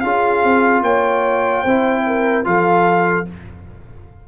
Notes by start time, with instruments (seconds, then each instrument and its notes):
0.00 tuba C#4, trombone F4, horn G#4, trumpet F5
0.43 tuba C4
0.81 tuba A#3, horn C#5, trumpet G5
1.62 tuba C4, trombone E4, horn C5
2.06 horn A#4
2.44 tuba F3, trombone F4, horn A4, trumpet F5